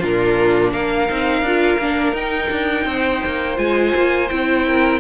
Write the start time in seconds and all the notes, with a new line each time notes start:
0.00 A#2 D4 F4 A#4
0.73 A#3 A#4 F5
1.09 C4 D#4
1.42 D4 F4
1.79 A#3 D4
2.13 D#4 G5
2.51 D4
2.86 C4 C5
3.26 A#3
3.56 G#3 F4 G#5
3.96 A#3
4.29 C4 E4 G5
4.67 A#4